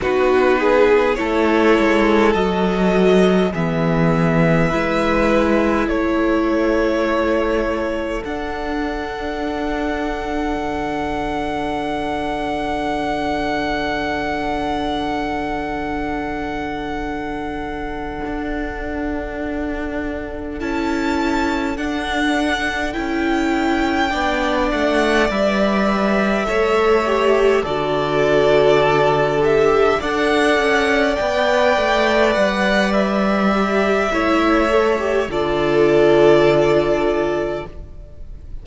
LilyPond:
<<
  \new Staff \with { instrumentName = "violin" } { \time 4/4 \tempo 4 = 51 b'4 cis''4 dis''4 e''4~ | e''4 cis''2 fis''4~ | fis''1~ | fis''1~ |
fis''4. a''4 fis''4 g''8~ | g''4 fis''8 e''2 d''8~ | d''4 e''8 fis''4 g''4 fis''8 | e''2 d''2 | }
  \new Staff \with { instrumentName = "violin" } { \time 4/4 fis'8 gis'8 a'2 gis'4 | b'4 a'2.~ | a'1~ | a'1~ |
a'1~ | a'8 d''2 cis''4 a'8~ | a'4. d''2~ d''8~ | d''4 cis''4 a'2 | }
  \new Staff \with { instrumentName = "viola" } { \time 4/4 dis'4 e'4 fis'4 b4 | e'2. d'4~ | d'1~ | d'1~ |
d'4. e'4 d'4 e'8~ | e'8 d'4 b'4 a'8 g'8 fis'8~ | fis'4 g'8 a'4 b'4.~ | b'8 g'8 e'8 a'16 g'16 f'2 | }
  \new Staff \with { instrumentName = "cello" } { \time 4/4 b4 a8 gis8 fis4 e4 | gis4 a2 d'4~ | d'4 d2.~ | d2.~ d8 d'8~ |
d'4. cis'4 d'4 cis'8~ | cis'8 b8 a8 g4 a4 d8~ | d4. d'8 cis'8 b8 a8 g8~ | g4 a4 d2 | }
>>